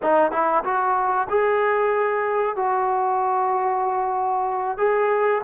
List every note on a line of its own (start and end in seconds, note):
0.02 0.31 D#4
0.31 0.63 E4
0.64 1.27 F#4
1.29 2.56 G#4
2.56 4.77 F#4
4.77 5.41 G#4